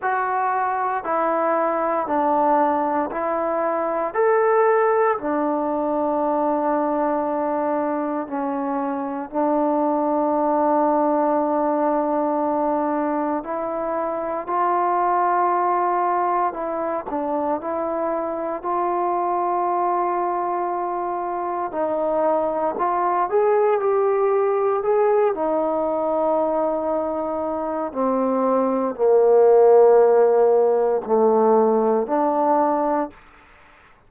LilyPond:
\new Staff \with { instrumentName = "trombone" } { \time 4/4 \tempo 4 = 58 fis'4 e'4 d'4 e'4 | a'4 d'2. | cis'4 d'2.~ | d'4 e'4 f'2 |
e'8 d'8 e'4 f'2~ | f'4 dis'4 f'8 gis'8 g'4 | gis'8 dis'2~ dis'8 c'4 | ais2 a4 d'4 | }